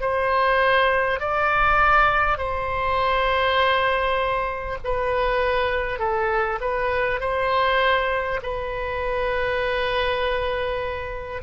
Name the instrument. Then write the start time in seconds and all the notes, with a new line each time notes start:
oboe
0.00 C5
1.19 D5
2.38 C5
4.84 B4
5.99 A4
6.60 B4
7.20 C5
8.42 B4